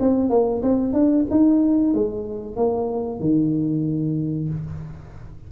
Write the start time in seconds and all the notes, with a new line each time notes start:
0.00 C4
0.30 A#3
0.62 C4
0.94 D4
1.30 D#4
1.94 G#3
2.57 A#3
3.20 D#3